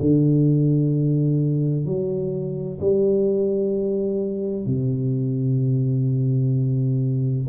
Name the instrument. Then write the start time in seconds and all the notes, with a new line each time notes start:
tuba
0.00 D3
1.86 F#3
2.81 G3
4.66 C3